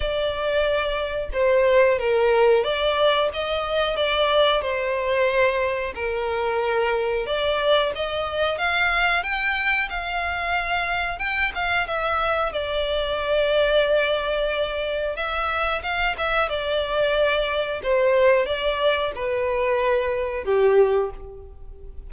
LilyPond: \new Staff \with { instrumentName = "violin" } { \time 4/4 \tempo 4 = 91 d''2 c''4 ais'4 | d''4 dis''4 d''4 c''4~ | c''4 ais'2 d''4 | dis''4 f''4 g''4 f''4~ |
f''4 g''8 f''8 e''4 d''4~ | d''2. e''4 | f''8 e''8 d''2 c''4 | d''4 b'2 g'4 | }